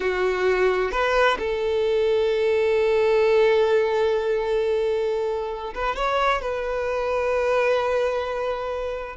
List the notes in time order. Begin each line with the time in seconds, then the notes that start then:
0.00 F#4
0.91 B4
1.38 A4
5.74 B4
5.95 C#5
6.41 B4